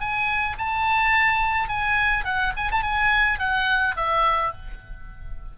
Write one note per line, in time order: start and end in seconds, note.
0.00 0.57 G#5
0.58 1.69 A5
1.69 2.25 G#5
2.25 2.53 F#5
2.57 2.71 G#5
2.72 2.83 A5
2.83 3.39 G#5
3.39 3.95 F#5
3.96 4.53 E5